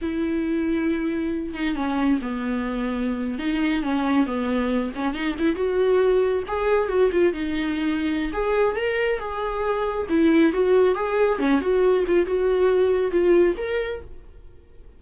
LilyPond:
\new Staff \with { instrumentName = "viola" } { \time 4/4 \tempo 4 = 137 e'2.~ e'8 dis'8 | cis'4 b2~ b8. dis'16~ | dis'8. cis'4 b4. cis'8 dis'16~ | dis'16 e'8 fis'2 gis'4 fis'16~ |
fis'16 f'8 dis'2~ dis'16 gis'4 | ais'4 gis'2 e'4 | fis'4 gis'4 cis'8 fis'4 f'8 | fis'2 f'4 ais'4 | }